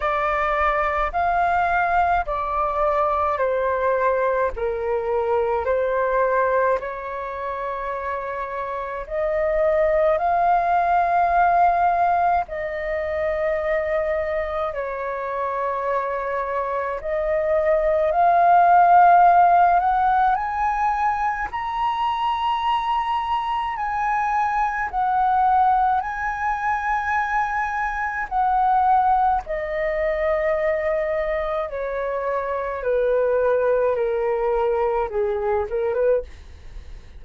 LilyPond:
\new Staff \with { instrumentName = "flute" } { \time 4/4 \tempo 4 = 53 d''4 f''4 d''4 c''4 | ais'4 c''4 cis''2 | dis''4 f''2 dis''4~ | dis''4 cis''2 dis''4 |
f''4. fis''8 gis''4 ais''4~ | ais''4 gis''4 fis''4 gis''4~ | gis''4 fis''4 dis''2 | cis''4 b'4 ais'4 gis'8 ais'16 b'16 | }